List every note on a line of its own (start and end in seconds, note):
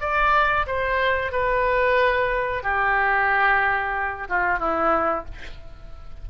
0.00 0.66 D5
0.67 1.32 C5
1.32 2.63 B4
2.63 4.28 G4
4.29 4.59 F4
4.59 5.25 E4